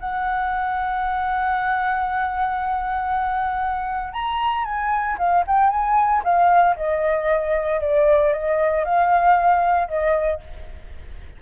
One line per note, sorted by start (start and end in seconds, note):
0.00 4.13 F#5
4.13 4.65 A#5
4.65 5.17 G#5
5.18 5.44 F5
5.47 5.70 G5
5.70 6.22 G#5
6.24 6.76 F5
6.76 7.81 D#5
7.81 8.33 D5
8.33 8.85 D#5
8.85 9.88 F5
9.88 10.41 D#5